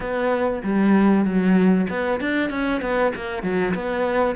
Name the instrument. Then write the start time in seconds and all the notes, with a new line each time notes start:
cello
0.00 B3
0.63 G3
1.24 F#3
1.89 B3
2.20 D4
2.50 C#4
2.81 B3
3.15 A#3
3.42 F#3
3.74 B3